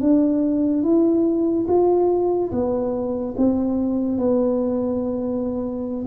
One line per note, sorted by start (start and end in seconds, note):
0.00 0.83 D4
0.83 1.66 E4
1.68 2.51 F4
2.52 3.35 B3
3.37 4.18 C4
4.18 6.05 B3